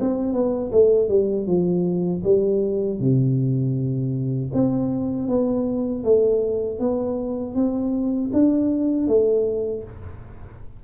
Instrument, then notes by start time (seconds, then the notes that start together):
tuba
0.00 C4
0.33 B3
0.71 A3
1.08 G3
1.46 F3
2.24 G3
2.99 C3
4.53 C4
5.28 B3
6.03 A3
6.79 B3
7.55 C4
8.33 D4
9.07 A3